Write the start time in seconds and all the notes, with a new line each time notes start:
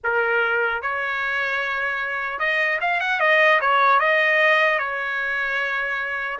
0.03 A#4
0.82 C#5
2.39 D#5
2.80 F5
3.00 F#5
3.20 D#5
3.60 C#5
3.99 D#5
4.78 C#5